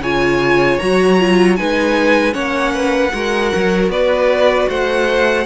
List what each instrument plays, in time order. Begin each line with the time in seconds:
0.00 cello C#3, viola F4, violin C#5 G#5
0.79 cello F#3, viola F#4, violin A#5
1.19 viola F4
1.56 cello G#3, viola D#4, violin B4 G#5
2.32 cello A#3, viola C#4, violin C#5 F#5
2.74 violin B4
3.13 cello G#3, viola F#4, violin A#4
3.55 cello F#3
3.89 cello B3, violin B4 D5
4.69 cello A3, violin C5 F#5